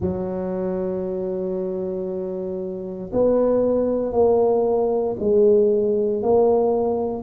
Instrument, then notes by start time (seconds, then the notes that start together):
tuba
0.00 F#3
3.13 B3
4.12 A#3
5.19 G#3
6.22 A#3